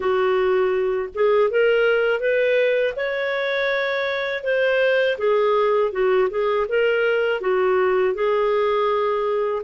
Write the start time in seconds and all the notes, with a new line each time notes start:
0.00 F#4
1.14 G#4
1.50 A#4
2.20 B4
2.96 C#5
4.43 C5
5.18 G#4
5.92 F#4
6.30 G#4
6.68 A#4
7.41 F#4
8.14 G#4